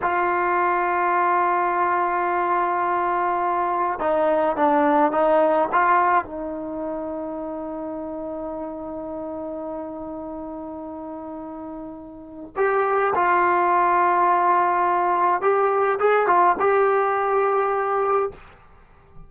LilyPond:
\new Staff \with { instrumentName = "trombone" } { \time 4/4 \tempo 4 = 105 f'1~ | f'2. dis'4 | d'4 dis'4 f'4 dis'4~ | dis'1~ |
dis'1~ | dis'2 g'4 f'4~ | f'2. g'4 | gis'8 f'8 g'2. | }